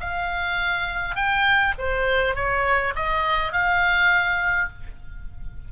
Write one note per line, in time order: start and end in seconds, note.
0.00 1.15 F5
1.15 1.73 G5
1.78 2.35 C5
2.35 2.93 C#5
2.95 3.52 D#5
3.52 4.68 F5